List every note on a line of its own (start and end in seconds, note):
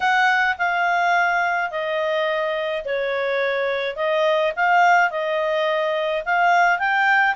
0.00 0.57 F#5
0.57 1.71 F5
1.71 2.84 D#5
2.85 3.96 C#5
3.96 4.52 D#5
4.56 5.10 F5
5.10 6.23 D#5
6.25 6.78 F5
6.78 7.35 G5